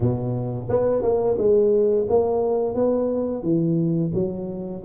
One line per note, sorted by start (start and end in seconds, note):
0.00 0.68 B2
0.69 1.02 B3
1.02 1.36 A#3
1.38 2.07 G#3
2.09 2.75 A#3
2.75 3.42 B3
3.42 4.11 E3
4.14 4.83 F#3